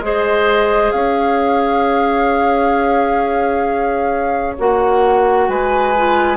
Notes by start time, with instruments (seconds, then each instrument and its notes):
0.00 bassoon G#3, clarinet G#4, oboe C5, flute D#5
0.91 bassoon C#4, oboe C#5, flute F5
4.59 bassoon A#3, clarinet F#4, flute F#5
5.48 bassoon G#3, oboe B4, flute G#5
5.97 clarinet F4